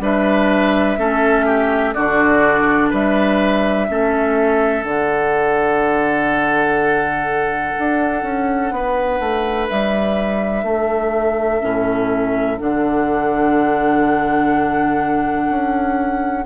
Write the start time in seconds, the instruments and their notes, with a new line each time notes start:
0.00 bassoon G3, clarinet D4, oboe B4, flute E5
0.98 bassoon A3, clarinet C#4, oboe A4
1.46 oboe G4
1.94 bassoon D3, clarinet D4, oboe F#4, flute D5
2.90 bassoon G3, oboe B4, flute E5
3.88 bassoon A3, clarinet C#4, oboe A4
4.83 bassoon D3, clarinet D4, flute F#5
7.78 bassoon D4
8.23 bassoon C#4
8.71 bassoon B3, oboe B4
9.20 bassoon A3
9.69 bassoon G3, flute E5
10.64 bassoon A3, oboe A4
11.60 bassoon A2, clarinet C#4
12.58 bassoon D3, clarinet D4, flute F#5
15.49 bassoon C#4